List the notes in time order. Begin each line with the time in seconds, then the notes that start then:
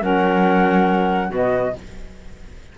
0.00 F#3 C#4 A#4 F#5
1.30 B2 B3 F#4 D#5